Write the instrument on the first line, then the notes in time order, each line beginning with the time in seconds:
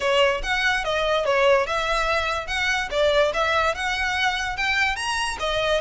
violin
0.00 C#5
0.43 F#5
0.84 D#5
1.25 C#5
1.66 E5
2.47 F#5
2.91 D5
3.33 E5
3.74 F#5
4.56 G5
4.95 A#5
5.39 D#5